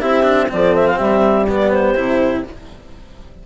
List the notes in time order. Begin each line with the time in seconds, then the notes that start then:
0.00 C4 E4 G4 E5
0.23 D4
0.49 F3 C4 A4 D5
0.76 E5
0.87 F5
0.97 G3 G4 E5
1.49 B3 D5
1.71 C5
1.95 C3 E4